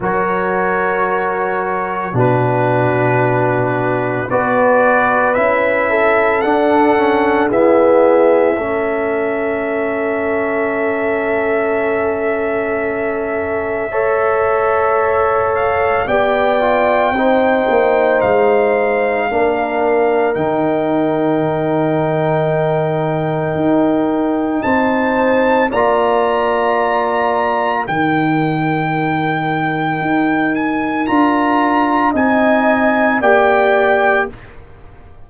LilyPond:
<<
  \new Staff \with { instrumentName = "trumpet" } { \time 4/4 \tempo 4 = 56 cis''2 b'2 | d''4 e''4 fis''4 e''4~ | e''1~ | e''2~ e''8 f''8 g''4~ |
g''4 f''2 g''4~ | g''2. a''4 | ais''2 g''2~ | g''8 gis''8 ais''4 gis''4 g''4 | }
  \new Staff \with { instrumentName = "horn" } { \time 4/4 ais'2 fis'2 | b'4. a'4. gis'4 | a'1~ | a'4 cis''2 d''4 |
c''2 ais'2~ | ais'2. c''4 | d''2 ais'2~ | ais'2 dis''4 d''4 | }
  \new Staff \with { instrumentName = "trombone" } { \time 4/4 fis'2 d'2 | fis'4 e'4 d'8 cis'8 b4 | cis'1~ | cis'4 a'2 g'8 f'8 |
dis'2 d'4 dis'4~ | dis'1 | f'2 dis'2~ | dis'4 f'4 dis'4 g'4 | }
  \new Staff \with { instrumentName = "tuba" } { \time 4/4 fis2 b,2 | b4 cis'4 d'4 e'4 | a1~ | a2. b4 |
c'8 ais8 gis4 ais4 dis4~ | dis2 dis'4 c'4 | ais2 dis2 | dis'4 d'4 c'4 ais4 | }
>>